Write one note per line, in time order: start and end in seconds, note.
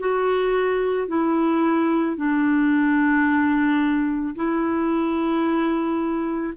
0.00 1.08 F#4
1.08 2.17 E4
2.17 4.35 D4
4.36 6.54 E4